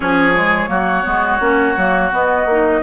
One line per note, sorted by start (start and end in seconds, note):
0.00 0.68 F3
0.00 0.33 C#4
0.00 0.69 G#4
0.00 2.11 C#5
0.35 0.68 G#3
0.68 1.04 F#3
0.68 1.03 A#3
0.68 2.81 F#4
1.03 1.40 G#3
1.03 1.38 B3
1.39 1.75 A#3
1.39 1.75 C#4
1.76 2.11 F#3
1.76 2.11 A#3
2.11 2.46 B3
2.11 2.45 B3
2.11 2.82 D#5
2.45 2.81 A#3
2.45 2.82 D#4